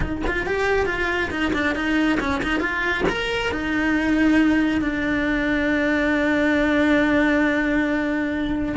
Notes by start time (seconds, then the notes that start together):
0.00 D#4
0.26 F4
0.46 G4
0.85 F4
1.30 D#4
1.53 D4
1.75 D#4
2.20 C#4
2.42 D#4
2.60 F4
3.09 A#4
3.51 D#4
4.81 D4